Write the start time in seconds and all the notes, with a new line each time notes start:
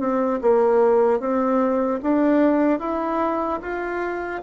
0.00 C4
0.42 A#3
1.20 C4
2.03 D4
2.80 E4
3.62 F4